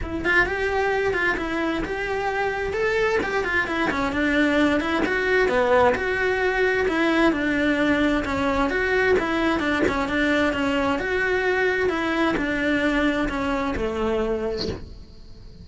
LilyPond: \new Staff \with { instrumentName = "cello" } { \time 4/4 \tempo 4 = 131 e'8 f'8 g'4. f'8 e'4 | g'2 a'4 g'8 f'8 | e'8 cis'8 d'4. e'8 fis'4 | b4 fis'2 e'4 |
d'2 cis'4 fis'4 | e'4 d'8 cis'8 d'4 cis'4 | fis'2 e'4 d'4~ | d'4 cis'4 a2 | }